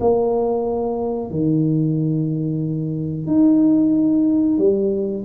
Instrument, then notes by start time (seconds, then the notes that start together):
tuba
0.00 A#3
1.30 D#3
3.26 D#4
4.58 G3